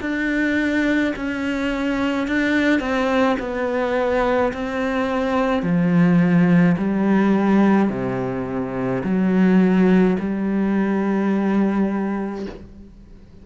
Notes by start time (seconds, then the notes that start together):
0.00 D4
1.15 C#4
2.27 D4
2.79 C4
3.39 B3
4.53 C4
5.62 F3
6.78 G3
7.89 C3
9.04 F#3
10.19 G3